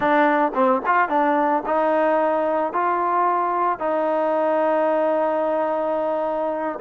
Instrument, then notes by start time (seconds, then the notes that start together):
trombone
0.00 D4
0.54 C4
0.86 F4
1.08 D4
1.65 D#4
2.72 F4
3.79 D#4